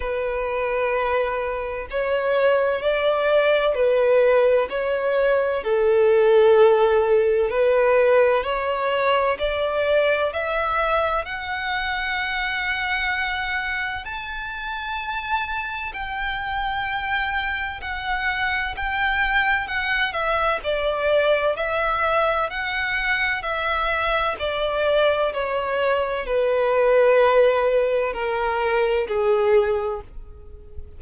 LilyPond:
\new Staff \with { instrumentName = "violin" } { \time 4/4 \tempo 4 = 64 b'2 cis''4 d''4 | b'4 cis''4 a'2 | b'4 cis''4 d''4 e''4 | fis''2. a''4~ |
a''4 g''2 fis''4 | g''4 fis''8 e''8 d''4 e''4 | fis''4 e''4 d''4 cis''4 | b'2 ais'4 gis'4 | }